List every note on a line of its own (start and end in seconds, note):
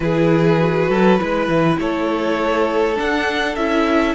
0.00 0.89 E3
0.00 0.59 E4
0.00 0.89 G#4
0.00 1.76 B4
0.59 1.18 F#4
0.89 1.19 F#3
0.89 1.19 A4
1.18 1.48 G#3
1.18 2.95 E4
1.18 1.79 B4
1.48 1.77 E3
1.79 2.98 A3
1.79 4.14 A4
1.79 2.98 C#5
2.95 3.54 D4
2.95 3.56 D4
2.95 3.55 F#5
3.55 4.14 C#4
3.55 4.14 E4
3.55 4.14 E5